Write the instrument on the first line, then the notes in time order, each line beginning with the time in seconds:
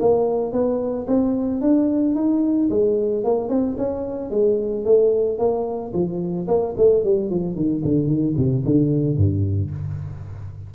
tuba
0.00 A#3
0.52 B3
1.07 C4
1.61 D4
2.15 D#4
2.70 G#3
3.24 A#3
3.49 C4
3.78 C#4
4.31 G#3
4.85 A3
5.38 A#3
5.93 F3
6.48 A#3
6.77 A3
7.04 G3
7.30 F3
7.56 D#3
7.85 D3
8.07 D#3
8.37 C3
8.65 D3
9.17 G2